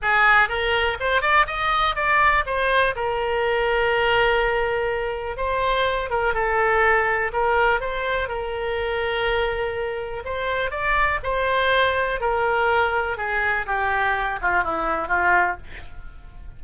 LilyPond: \new Staff \with { instrumentName = "oboe" } { \time 4/4 \tempo 4 = 123 gis'4 ais'4 c''8 d''8 dis''4 | d''4 c''4 ais'2~ | ais'2. c''4~ | c''8 ais'8 a'2 ais'4 |
c''4 ais'2.~ | ais'4 c''4 d''4 c''4~ | c''4 ais'2 gis'4 | g'4. f'8 e'4 f'4 | }